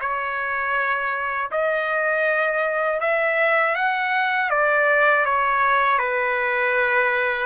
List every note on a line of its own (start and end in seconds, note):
0.00 1.50 C#5
1.51 3.00 D#5
3.00 3.75 E5
3.75 4.50 F#5
4.50 5.25 D5
5.25 5.98 C#5
5.98 7.46 B4